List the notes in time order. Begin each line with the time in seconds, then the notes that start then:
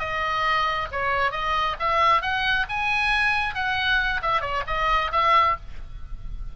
0.00 D#5
0.92 C#5
1.32 D#5
1.80 E5
2.22 F#5
2.70 G#5
3.55 F#5
4.23 E5
4.41 C#5
4.68 D#5
5.13 E5